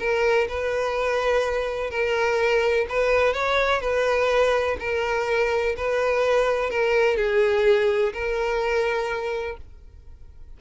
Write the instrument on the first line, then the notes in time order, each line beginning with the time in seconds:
violin
0.00 A#4
0.49 B4
1.91 A#4
2.90 B4
3.34 C#5
3.81 B4
4.80 A#4
5.77 B4
6.70 A#4
7.17 G#4
8.14 A#4